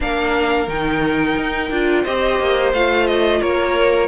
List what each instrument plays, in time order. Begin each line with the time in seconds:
0.00 cello A#3, viola D4, violin A#4 F5
0.67 cello D#3, viola D#4, violin G5
1.36 cello D#4
1.70 cello D4, viola F4
2.03 cello C4, viola G4, violin C5 D#5
2.39 cello A#3
2.72 cello A3, viola F4, violin F5
3.07 violin D#5
3.40 cello A#3, violin A#4 C#5